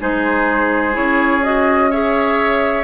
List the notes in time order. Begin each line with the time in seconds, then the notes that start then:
0.00 G#3 D#4 G#4 C5
0.93 C#4 E4 C#5
1.44 F#4 D#5
1.91 G#4 C#5 E5